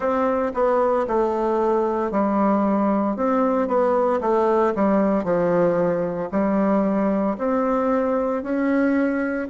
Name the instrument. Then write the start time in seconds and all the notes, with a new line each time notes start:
bassoon
0.00 C4
0.54 B3
1.07 A3
2.11 G3
3.16 C4
3.67 B3
4.21 A3
4.75 G3
5.23 F3
6.31 G3
7.37 C4
8.42 C#4